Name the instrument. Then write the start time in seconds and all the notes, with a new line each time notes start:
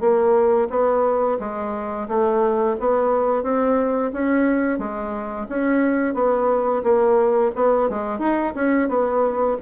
bassoon
0.00 A#3
0.70 B3
1.39 G#3
2.08 A3
2.80 B3
3.43 C4
4.13 C#4
4.79 G#3
5.49 C#4
6.14 B3
6.83 A#3
7.55 B3
7.89 G#3
8.19 D#4
8.55 C#4
8.89 B3